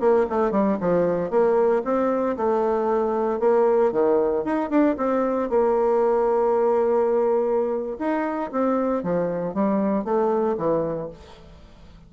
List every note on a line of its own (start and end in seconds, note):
0.00 0.26 A#3
0.29 0.51 A3
0.51 0.77 G3
0.80 1.30 F3
1.30 1.82 A#3
1.84 2.36 C4
2.37 3.40 A3
3.40 3.92 A#3
3.92 4.44 D#3
4.44 4.70 D#4
4.70 4.96 D4
4.97 5.49 C4
5.49 7.97 A#3
7.98 8.51 D#4
8.52 9.03 C4
9.03 9.54 F3
9.54 10.04 G3
10.04 10.56 A3
10.57 11.10 E3